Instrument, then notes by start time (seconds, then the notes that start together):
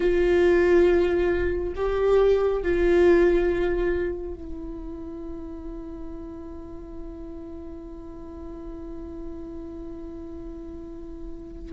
viola
0.00 F4
1.75 G4
2.62 F4
4.34 E4